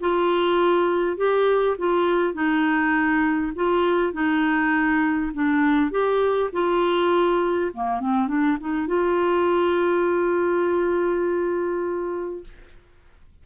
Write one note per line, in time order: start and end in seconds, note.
0.00 1.17 F4
1.17 1.76 G4
1.78 2.34 F4
2.34 3.52 D#4
3.55 4.13 F4
4.13 5.31 D#4
5.33 5.91 D4
5.91 6.50 G4
6.52 7.71 F4
7.74 8.00 A#3
8.00 8.28 C4
8.28 8.57 D4
8.60 8.87 D#4
8.87 12.43 F4